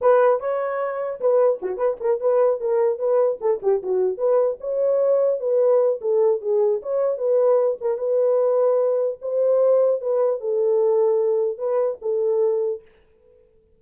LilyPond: \new Staff \with { instrumentName = "horn" } { \time 4/4 \tempo 4 = 150 b'4 cis''2 b'4 | fis'8 b'8 ais'8 b'4 ais'4 b'8~ | b'8 a'8 g'8 fis'4 b'4 cis''8~ | cis''4. b'4. a'4 |
gis'4 cis''4 b'4. ais'8 | b'2. c''4~ | c''4 b'4 a'2~ | a'4 b'4 a'2 | }